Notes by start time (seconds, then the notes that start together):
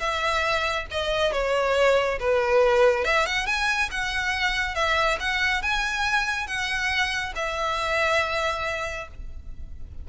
0.00 E5
0.91 D#5
1.32 C#5
2.20 B4
3.05 E5
3.26 F#5
3.46 G#5
3.91 F#5
4.75 E5
5.20 F#5
5.62 G#5
6.47 F#5
7.35 E5